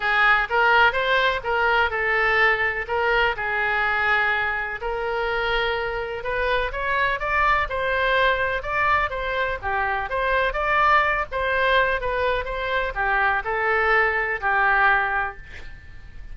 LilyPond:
\new Staff \with { instrumentName = "oboe" } { \time 4/4 \tempo 4 = 125 gis'4 ais'4 c''4 ais'4 | a'2 ais'4 gis'4~ | gis'2 ais'2~ | ais'4 b'4 cis''4 d''4 |
c''2 d''4 c''4 | g'4 c''4 d''4. c''8~ | c''4 b'4 c''4 g'4 | a'2 g'2 | }